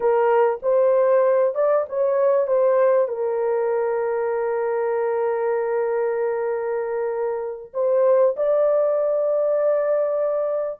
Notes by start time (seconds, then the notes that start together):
0.00 A#4
0.62 C5
1.54 D5
1.89 C#5
2.47 C5
3.08 A#4
7.73 C5
8.36 D5